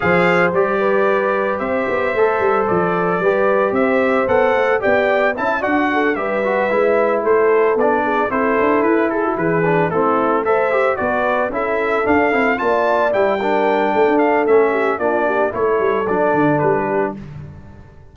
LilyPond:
<<
  \new Staff \with { instrumentName = "trumpet" } { \time 4/4 \tempo 4 = 112 f''4 d''2 e''4~ | e''4 d''2 e''4 | fis''4 g''4 a''8 fis''4 e''8~ | e''4. c''4 d''4 c''8~ |
c''8 b'8 a'8 b'4 a'4 e''8~ | e''8 d''4 e''4 f''4 a''8~ | a''8 g''2 f''8 e''4 | d''4 cis''4 d''4 b'4 | }
  \new Staff \with { instrumentName = "horn" } { \time 4/4 c''4. b'4. c''4~ | c''2 b'4 c''4~ | c''4 d''4 e''8 d''8 a'8 b'8~ | b'4. a'4. gis'8 a'8~ |
a'4 gis'16 fis'16 gis'4 e'4 c''8~ | c''8 b'4 a'2 d''8~ | d''4 ais'4 a'4. g'8 | f'8 g'8 a'2~ a'8 g'8 | }
  \new Staff \with { instrumentName = "trombone" } { \time 4/4 gis'4 g'2. | a'2 g'2 | a'4 g'4 e'8 fis'4 g'8 | fis'8 e'2 d'4 e'8~ |
e'2 d'8 c'4 a'8 | g'8 fis'4 e'4 d'8 e'8 f'8~ | f'8 e'8 d'2 cis'4 | d'4 e'4 d'2 | }
  \new Staff \with { instrumentName = "tuba" } { \time 4/4 f4 g2 c'8 b8 | a8 g8 f4 g4 c'4 | b8 a8 b4 cis'8 d'4 g8~ | g8 gis4 a4 b4 c'8 |
d'8 e'4 e4 a4.~ | a8 b4 cis'4 d'8 c'8 ais8~ | ais8 g4. a16 d'8. a4 | ais4 a8 g8 fis8 d8 g4 | }
>>